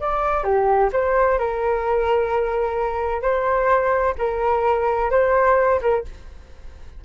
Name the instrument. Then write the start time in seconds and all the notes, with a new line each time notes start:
flute
0.00 D5
0.43 G4
0.92 C5
1.38 A#4
3.21 C5
4.18 A#4
5.10 C5
5.81 A#4